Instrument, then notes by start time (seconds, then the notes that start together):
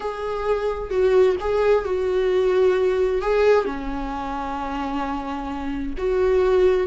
viola
0.00 G#4
0.90 F#4
1.40 G#4
1.84 F#4
3.21 G#4
3.65 C#4
5.97 F#4